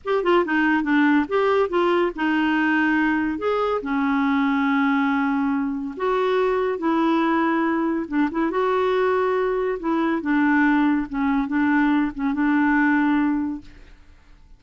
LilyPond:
\new Staff \with { instrumentName = "clarinet" } { \time 4/4 \tempo 4 = 141 g'8 f'8 dis'4 d'4 g'4 | f'4 dis'2. | gis'4 cis'2.~ | cis'2 fis'2 |
e'2. d'8 e'8 | fis'2. e'4 | d'2 cis'4 d'4~ | d'8 cis'8 d'2. | }